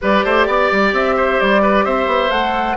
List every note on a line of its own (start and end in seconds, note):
0.01 0.24 G3
0.01 2.30 G4
0.01 0.24 B4
0.01 0.94 D5
0.24 0.47 A3
0.24 0.46 C5
0.46 0.70 B3
0.46 1.15 D5
0.71 0.93 G3
0.93 1.39 C4
0.93 1.40 E5
1.15 1.62 C5
1.40 1.85 G3
1.40 1.84 D5
1.62 1.84 B4
1.84 2.06 C4
1.84 2.77 C5
1.84 2.30 E5
2.06 2.30 B3
2.30 2.76 A3
2.30 2.76 A4
2.30 2.76 F#5